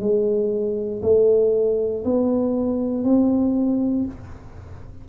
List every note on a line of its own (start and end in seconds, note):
0.00 1.02 G#3
1.02 2.04 A3
2.05 3.04 B3
3.04 4.05 C4